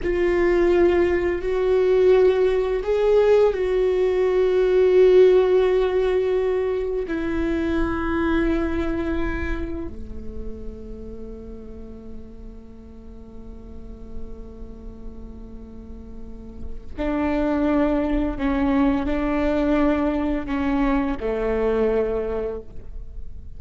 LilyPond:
\new Staff \with { instrumentName = "viola" } { \time 4/4 \tempo 4 = 85 f'2 fis'2 | gis'4 fis'2.~ | fis'2 e'2~ | e'2 a2~ |
a1~ | a1 | d'2 cis'4 d'4~ | d'4 cis'4 a2 | }